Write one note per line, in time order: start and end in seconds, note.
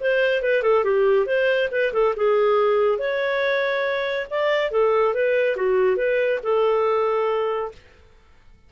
0.00 0.42 C5
0.42 0.62 B4
0.62 0.84 A4
0.84 1.26 G4
1.26 1.69 C5
1.71 1.92 B4
1.93 2.14 A4
2.16 2.98 G#4
2.98 4.27 C#5
4.30 4.71 D5
4.71 5.14 A4
5.14 5.56 B4
5.56 5.96 F#4
5.96 6.39 B4
6.43 7.71 A4